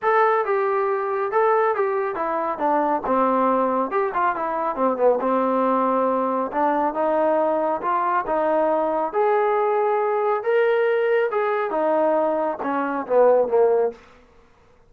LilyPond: \new Staff \with { instrumentName = "trombone" } { \time 4/4 \tempo 4 = 138 a'4 g'2 a'4 | g'4 e'4 d'4 c'4~ | c'4 g'8 f'8 e'4 c'8 b8 | c'2. d'4 |
dis'2 f'4 dis'4~ | dis'4 gis'2. | ais'2 gis'4 dis'4~ | dis'4 cis'4 b4 ais4 | }